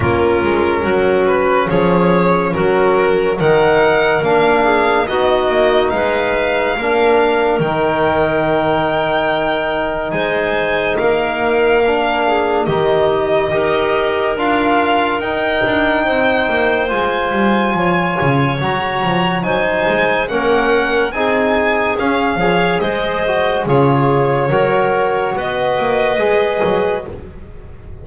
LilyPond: <<
  \new Staff \with { instrumentName = "violin" } { \time 4/4 \tempo 4 = 71 ais'4. b'8 cis''4 ais'4 | fis''4 f''4 dis''4 f''4~ | f''4 g''2. | gis''4 f''2 dis''4~ |
dis''4 f''4 g''2 | gis''2 ais''4 gis''4 | fis''4 gis''4 f''4 dis''4 | cis''2 dis''2 | }
  \new Staff \with { instrumentName = "clarinet" } { \time 4/4 f'4 fis'4 gis'4 fis'4 | ais'4. gis'8 fis'4 b'4 | ais'1 | c''4 ais'4. gis'8 g'4 |
ais'2. c''4~ | c''4 cis''2 c''4 | ais'4 gis'4. cis''8 c''4 | gis'4 ais'4 b'2 | }
  \new Staff \with { instrumentName = "trombone" } { \time 4/4 cis'1 | dis'4 d'4 dis'2 | d'4 dis'2.~ | dis'2 d'4 dis'4 |
g'4 f'4 dis'2 | f'2 fis'4 dis'4 | cis'4 dis'4 cis'8 gis'4 fis'8 | f'4 fis'2 gis'4 | }
  \new Staff \with { instrumentName = "double bass" } { \time 4/4 ais8 gis8 fis4 f4 fis4 | dis4 ais4 b8 ais8 gis4 | ais4 dis2. | gis4 ais2 dis4 |
dis'4 d'4 dis'8 d'8 c'8 ais8 | gis8 g8 f8 cis8 fis8 f8 fis8 gis8 | ais4 c'4 cis'8 f8 gis4 | cis4 fis4 b8 ais8 gis8 fis8 | }
>>